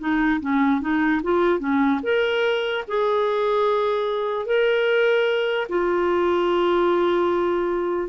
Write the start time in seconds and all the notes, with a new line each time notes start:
0.00 D#4
0.41 C#4
0.81 D#4
1.23 F4
1.60 C#4
2.03 A#4
2.88 G#4
4.46 A#4
5.69 F4